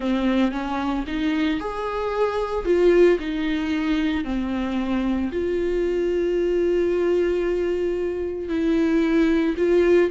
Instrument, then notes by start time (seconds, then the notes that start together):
viola
0.00 C4
0.51 C#4
1.06 D#4
1.60 G#4
2.65 F4
3.19 D#4
4.24 C4
5.31 F4
8.48 E4
9.57 F4